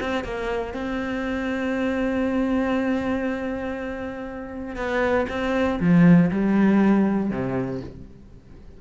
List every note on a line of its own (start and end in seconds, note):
0.00 0.24 C4
0.24 0.74 A#3
0.74 4.76 C4
4.76 5.26 B3
5.29 5.79 C4
5.80 6.30 F3
6.31 7.30 G3
7.30 7.80 C3